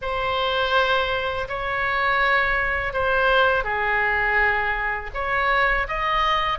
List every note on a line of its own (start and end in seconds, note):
0.01 1.48 C5
1.48 2.93 C#5
2.93 3.64 C5
3.64 5.10 G#4
5.14 5.87 C#5
5.88 6.59 D#5